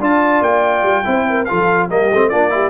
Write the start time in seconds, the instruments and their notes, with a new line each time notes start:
0.00 tuba D4, trombone F4, horn D5, trumpet A5
0.42 tuba A#3, trumpet G5
0.83 tuba G3
1.04 tuba C4, trombone E4, horn C5
1.30 horn A#4
1.45 trombone F4, horn A4, trumpet F5
1.52 tuba F3
1.88 tuba G3, trombone A#3, horn G4, trumpet D#5
2.12 tuba A3, trombone C4
2.29 tuba A#3, trombone D4, horn F4, trumpet D5
2.50 trombone E4, horn G4